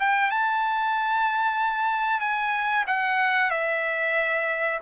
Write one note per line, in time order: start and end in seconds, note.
0.00 0.31 G5
0.31 2.21 A5
2.21 2.85 G#5
2.87 3.51 F#5
3.51 4.80 E5